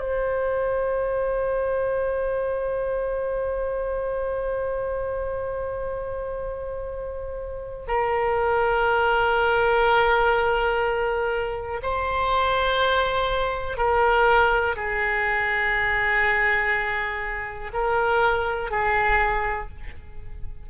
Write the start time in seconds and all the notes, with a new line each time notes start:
0.00 C5
7.88 A#4
11.83 C5
13.77 A#4
14.76 G#4
17.74 A#4
18.71 G#4